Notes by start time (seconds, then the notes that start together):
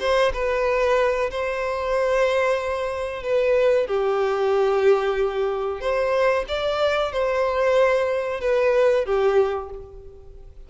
0.00 C5
0.34 B4
1.31 C5
3.23 B4
3.87 G4
5.81 C5
6.48 D5
7.12 C5
8.41 B4
9.06 G4